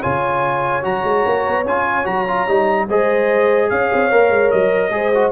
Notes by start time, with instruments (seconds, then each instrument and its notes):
0.00 tuba C#3, trombone F4, horn C#5, trumpet G#5
0.82 tuba F#3, trombone F#4, trumpet A#5
1.03 tuba G#3
1.25 tuba A#3
1.47 tuba B3
1.65 tuba C#4, trombone F4, trumpet G#5
2.04 tuba F#3, trombone F#4, trumpet A#5
2.27 trombone F4
2.47 tuba G3, trombone D#4
2.88 tuba G#3, trombone G#4, horn C5, trumpet D#5
3.69 tuba C#4, horn C#5, trumpet F5
3.92 tuba C4
4.11 tuba A#3, trombone A#4
4.29 tuba G#3
4.51 tuba F#3, trumpet D#5
4.90 tuba G#3, trombone G#4, horn C5
5.14 trombone F#4